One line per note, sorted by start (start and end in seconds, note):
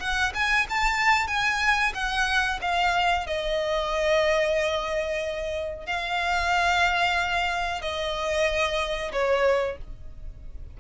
0.00 0.33 F#5
0.34 0.67 G#5
0.69 1.27 A5
1.27 1.93 G#5
1.94 2.59 F#5
2.61 3.27 F5
3.27 5.87 D#5
5.87 7.81 F5
7.81 9.12 D#5
9.12 9.77 C#5